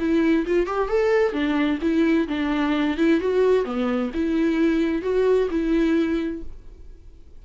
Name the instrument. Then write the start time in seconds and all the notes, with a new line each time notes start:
viola
0.00 E4
0.47 F4
0.67 G4
0.89 A4
1.33 D4
1.82 E4
2.29 D4
2.98 E4
3.21 F#4
3.65 B3
4.15 E4
5.03 F#4
5.51 E4